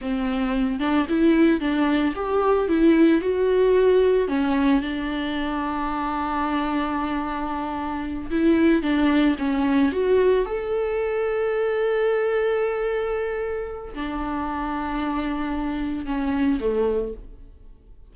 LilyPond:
\new Staff \with { instrumentName = "viola" } { \time 4/4 \tempo 4 = 112 c'4. d'8 e'4 d'4 | g'4 e'4 fis'2 | cis'4 d'2.~ | d'2.~ d'8 e'8~ |
e'8 d'4 cis'4 fis'4 a'8~ | a'1~ | a'2 d'2~ | d'2 cis'4 a4 | }